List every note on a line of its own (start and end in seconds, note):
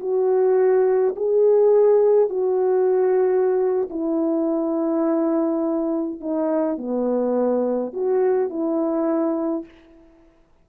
0.00 1.15 F#4
1.16 2.30 G#4
2.30 3.88 F#4
3.90 6.20 E4
6.20 6.78 D#4
6.78 7.93 B3
7.94 8.50 F#4
8.50 9.65 E4